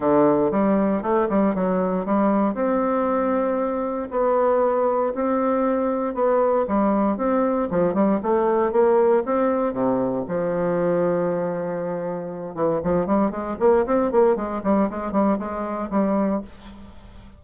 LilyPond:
\new Staff \with { instrumentName = "bassoon" } { \time 4/4 \tempo 4 = 117 d4 g4 a8 g8 fis4 | g4 c'2. | b2 c'2 | b4 g4 c'4 f8 g8 |
a4 ais4 c'4 c4 | f1~ | f8 e8 f8 g8 gis8 ais8 c'8 ais8 | gis8 g8 gis8 g8 gis4 g4 | }